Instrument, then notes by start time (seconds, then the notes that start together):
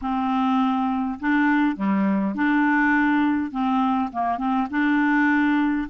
clarinet
0.01 C4
1.20 D4
1.76 G3
2.34 D4
3.51 C4
4.12 A#3
4.38 C4
4.70 D4